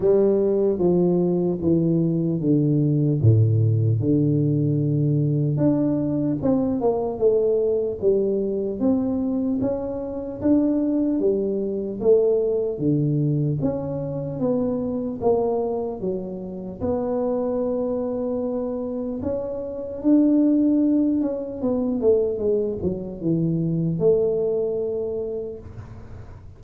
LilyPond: \new Staff \with { instrumentName = "tuba" } { \time 4/4 \tempo 4 = 75 g4 f4 e4 d4 | a,4 d2 d'4 | c'8 ais8 a4 g4 c'4 | cis'4 d'4 g4 a4 |
d4 cis'4 b4 ais4 | fis4 b2. | cis'4 d'4. cis'8 b8 a8 | gis8 fis8 e4 a2 | }